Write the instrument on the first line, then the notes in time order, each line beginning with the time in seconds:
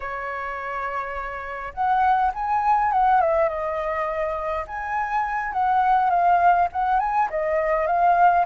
flute
0.00 C#5
1.73 F#5
2.34 G#5
2.92 F#5
3.20 E5
3.48 D#5
4.67 G#5
5.53 F#5
6.10 F5
6.72 F#5
6.99 G#5
7.30 D#5
7.86 F5